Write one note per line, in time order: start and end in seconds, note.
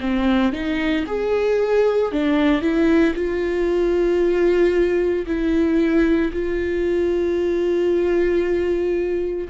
0.00 0.52 C4
0.52 1.05 D#4
1.06 2.11 G#4
2.11 2.61 D4
2.61 3.14 E4
3.15 5.26 F4
5.26 6.32 E4
6.33 9.48 F4